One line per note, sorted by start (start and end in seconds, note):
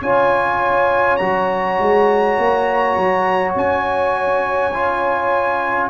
0.00 1.19 C#4
0.00 1.19 F4
0.00 5.88 C#5
0.00 1.17 G#5
1.17 1.79 F#3
1.17 4.72 F#4
1.17 3.52 A#5
1.79 2.38 G#3
2.38 2.97 A#3
2.97 3.55 F#3
3.55 5.90 C#4
3.55 5.90 G#5
4.74 5.90 F4